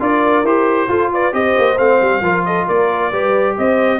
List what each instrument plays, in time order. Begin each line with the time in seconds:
0.00 tuba D4, trombone F4, horn A#4, trumpet D5
0.44 tuba E4, trombone G4, trumpet C5
0.89 tuba F4, trombone F4, horn A4
1.13 horn B4, trumpet D5
1.32 tuba C4, trombone G4, horn C5, trumpet D#5
1.58 tuba A#3
1.78 tuba A3, trombone C4, trumpet F5
2.01 tuba G3
2.21 tuba F3, trombone F4, horn A#4
2.45 horn A4, trumpet D#5
2.67 tuba A#3, horn A#4, trumpet D5
3.12 tuba G3, trombone G4, horn B4
3.58 tuba C4, horn C5, trumpet D#5